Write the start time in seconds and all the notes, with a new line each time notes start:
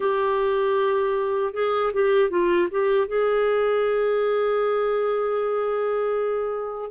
0.00 G4
1.53 G#4
1.93 G4
2.30 F4
2.71 G4
3.07 G#4